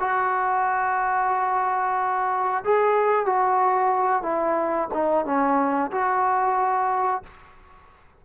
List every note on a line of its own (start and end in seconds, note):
0.00 2.64 F#4
2.64 3.26 G#4
3.26 4.23 F#4
4.23 4.89 E4
4.94 5.25 D#4
5.25 5.91 C#4
5.92 7.23 F#4